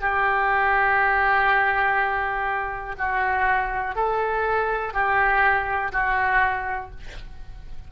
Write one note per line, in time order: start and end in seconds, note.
0.00 2.95 G4
2.97 3.95 F#4
3.95 4.93 A4
4.93 5.92 G4
5.92 6.90 F#4